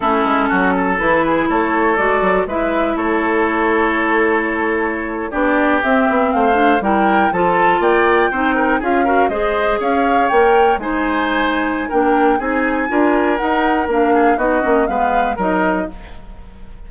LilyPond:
<<
  \new Staff \with { instrumentName = "flute" } { \time 4/4 \tempo 4 = 121 a'2 b'4 cis''4 | d''4 e''4 cis''2~ | cis''2~ cis''8. d''4 e''16~ | e''8. f''4 g''4 a''4 g''16~ |
g''4.~ g''16 f''4 dis''4 f''16~ | f''8. g''4 gis''2~ gis''16 | g''4 gis''2 fis''4 | f''4 dis''4 f''4 dis''4 | }
  \new Staff \with { instrumentName = "oboe" } { \time 4/4 e'4 fis'8 a'4 gis'8 a'4~ | a'4 b'4 a'2~ | a'2~ a'8. g'4~ g'16~ | g'8. c''4 ais'4 a'4 d''16~ |
d''8. c''8 ais'8 gis'8 ais'8 c''4 cis''16~ | cis''4.~ cis''16 c''2~ c''16 | ais'4 gis'4 ais'2~ | ais'8 gis'8 fis'4 b'4 ais'4 | }
  \new Staff \with { instrumentName = "clarinet" } { \time 4/4 cis'2 e'2 | fis'4 e'2.~ | e'2~ e'8. d'4 c'16~ | c'4~ c'16 d'8 e'4 f'4~ f'16~ |
f'8. dis'4 f'8 fis'8 gis'4~ gis'16~ | gis'8. ais'4 dis'2~ dis'16 | d'4 dis'4 f'4 dis'4 | d'4 dis'8 cis'8 b4 dis'4 | }
  \new Staff \with { instrumentName = "bassoon" } { \time 4/4 a8 gis8 fis4 e4 a4 | gis8 fis8 gis4 a2~ | a2~ a8. b4 c'16~ | c'16 b8 a4 g4 f4 ais16~ |
ais8. c'4 cis'4 gis4 cis'16~ | cis'8. ais4 gis2~ gis16 | ais4 c'4 d'4 dis'4 | ais4 b8 ais8 gis4 fis4 | }
>>